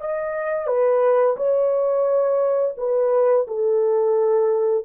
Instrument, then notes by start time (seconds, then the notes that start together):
horn
0.00 D#5
0.67 B4
1.36 C#5
2.77 B4
3.47 A4